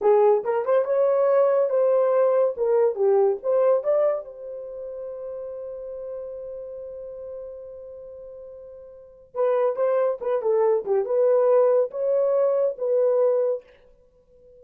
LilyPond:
\new Staff \with { instrumentName = "horn" } { \time 4/4 \tempo 4 = 141 gis'4 ais'8 c''8 cis''2 | c''2 ais'4 g'4 | c''4 d''4 c''2~ | c''1~ |
c''1~ | c''2 b'4 c''4 | b'8 a'4 g'8 b'2 | cis''2 b'2 | }